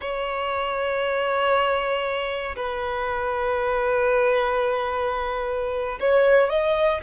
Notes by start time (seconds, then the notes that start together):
0.01 C#5
2.56 B4
6.00 C#5
6.49 D#5